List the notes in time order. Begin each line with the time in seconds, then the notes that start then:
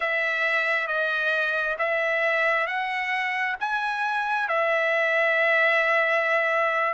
0.00 E5
0.87 D#5
1.78 E5
2.66 F#5
3.60 G#5
4.48 E5